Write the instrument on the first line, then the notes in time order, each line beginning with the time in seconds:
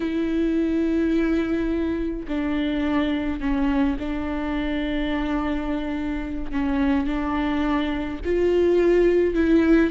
viola
0.00 E4
2.27 D4
3.40 C#4
3.99 D4
6.51 C#4
7.06 D4
8.25 F4
9.34 E4